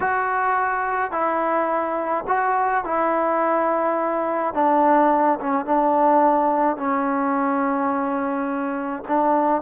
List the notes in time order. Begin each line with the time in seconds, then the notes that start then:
0.00 F#4
1.11 E4
2.27 F#4
2.84 E4
4.54 D4
5.40 C#4
5.65 D4
6.76 C#4
9.08 D4